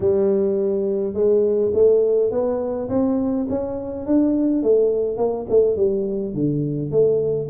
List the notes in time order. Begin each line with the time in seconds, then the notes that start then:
0.00 G3
1.13 G#3
1.73 A3
2.31 B3
2.89 C4
3.49 C#4
4.06 D4
4.62 A3
5.17 A#3
5.49 A3
5.76 G3
6.34 D3
6.91 A3